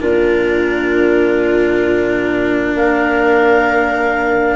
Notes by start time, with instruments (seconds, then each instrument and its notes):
0.00 bassoon A#2, cello D4, viola F4, clarinet A#4
2.74 bassoon A#3, viola A#4, clarinet F5